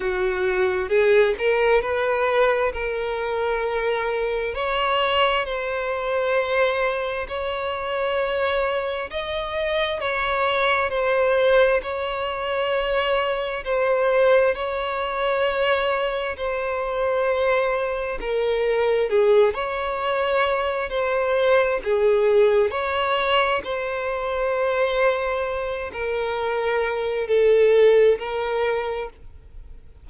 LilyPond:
\new Staff \with { instrumentName = "violin" } { \time 4/4 \tempo 4 = 66 fis'4 gis'8 ais'8 b'4 ais'4~ | ais'4 cis''4 c''2 | cis''2 dis''4 cis''4 | c''4 cis''2 c''4 |
cis''2 c''2 | ais'4 gis'8 cis''4. c''4 | gis'4 cis''4 c''2~ | c''8 ais'4. a'4 ais'4 | }